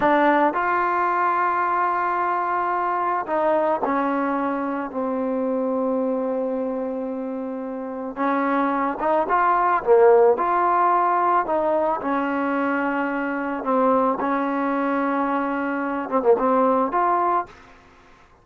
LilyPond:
\new Staff \with { instrumentName = "trombone" } { \time 4/4 \tempo 4 = 110 d'4 f'2.~ | f'2 dis'4 cis'4~ | cis'4 c'2.~ | c'2. cis'4~ |
cis'8 dis'8 f'4 ais4 f'4~ | f'4 dis'4 cis'2~ | cis'4 c'4 cis'2~ | cis'4. c'16 ais16 c'4 f'4 | }